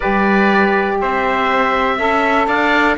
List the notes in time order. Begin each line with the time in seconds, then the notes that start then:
0.00 G3 G4 B4 D5
1.01 C4 C5 E5
1.97 C#4 A4 E5
2.46 D4 D5 F5